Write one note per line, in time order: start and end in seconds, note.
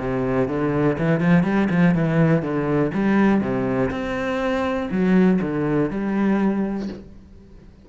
0.00 0.49 C3
0.49 0.98 D3
0.99 1.21 E3
1.21 1.44 F3
1.44 1.69 G3
1.71 1.95 F3
1.95 2.43 E3
2.43 2.92 D3
2.94 3.42 G3
3.42 3.91 C3
3.91 4.89 C4
4.92 5.41 F#3
5.42 5.91 D3
5.91 6.89 G3